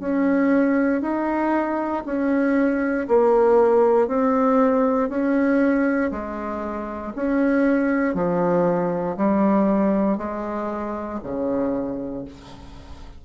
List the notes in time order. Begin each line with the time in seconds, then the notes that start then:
0.00 C#4
1.02 D#4
2.06 C#4
3.08 A#3
4.08 C4
5.10 C#4
6.12 G#3
7.16 C#4
8.15 F3
9.18 G3
10.18 G#3
11.24 C#3